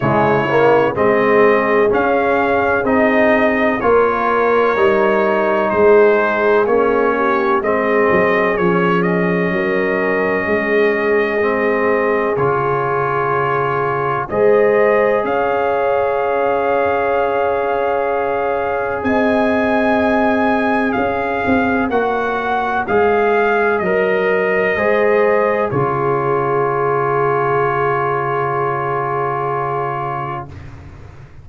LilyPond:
<<
  \new Staff \with { instrumentName = "trumpet" } { \time 4/4 \tempo 4 = 63 cis''4 dis''4 f''4 dis''4 | cis''2 c''4 cis''4 | dis''4 cis''8 dis''2~ dis''8~ | dis''4 cis''2 dis''4 |
f''1 | gis''2 f''4 fis''4 | f''4 dis''2 cis''4~ | cis''1 | }
  \new Staff \with { instrumentName = "horn" } { \time 4/4 e'4 gis'2. | ais'2 gis'4. g'8 | gis'2 ais'4 gis'4~ | gis'2. c''4 |
cis''1 | dis''2 cis''2~ | cis''2 c''4 gis'4~ | gis'1 | }
  \new Staff \with { instrumentName = "trombone" } { \time 4/4 gis8 ais8 c'4 cis'4 dis'4 | f'4 dis'2 cis'4 | c'4 cis'2. | c'4 f'2 gis'4~ |
gis'1~ | gis'2. fis'4 | gis'4 ais'4 gis'4 f'4~ | f'1 | }
  \new Staff \with { instrumentName = "tuba" } { \time 4/4 cis4 gis4 cis'4 c'4 | ais4 g4 gis4 ais4 | gis8 fis8 f4 fis4 gis4~ | gis4 cis2 gis4 |
cis'1 | c'2 cis'8 c'8 ais4 | gis4 fis4 gis4 cis4~ | cis1 | }
>>